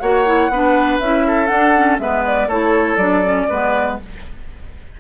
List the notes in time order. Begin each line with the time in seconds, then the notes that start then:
0.00 A#3 F#4 C#5 F#5
0.26 E4
0.49 B3 D4 B4
0.99 C#4 E4 E5
1.27 A4
1.48 D4 F#5
1.77 C#4
1.99 G#3 B3 B4 E5
2.26 D5
2.48 A3 E4 A4 C#5
2.97 F#3 D4 D5
3.24 C#4
3.49 G#3 B3 B4